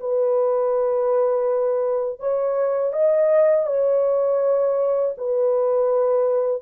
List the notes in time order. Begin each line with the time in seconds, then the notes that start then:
0.00 B4
2.20 C#5
2.93 D#5
3.67 C#5
5.18 B4